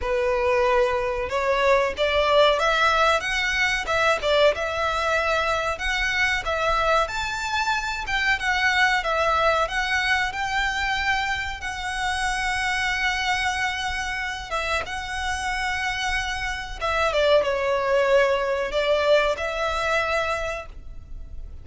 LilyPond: \new Staff \with { instrumentName = "violin" } { \time 4/4 \tempo 4 = 93 b'2 cis''4 d''4 | e''4 fis''4 e''8 d''8 e''4~ | e''4 fis''4 e''4 a''4~ | a''8 g''8 fis''4 e''4 fis''4 |
g''2 fis''2~ | fis''2~ fis''8 e''8 fis''4~ | fis''2 e''8 d''8 cis''4~ | cis''4 d''4 e''2 | }